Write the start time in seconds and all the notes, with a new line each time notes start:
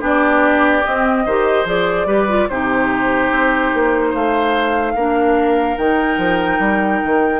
0.00 B3 D4 G4 D5
0.84 C4 D#5
1.25 D#3 G4 C5
1.64 F3 G#4 D5
2.05 G3 G4 B4
2.28 F4
2.48 C3 D#4 G4 C5
3.30 C4
3.73 A#3
4.10 A3 C5 F5
4.95 A#3 D4 A#4
5.77 D#3 D#4 G5
6.17 F3
6.59 G3
7.04 D#3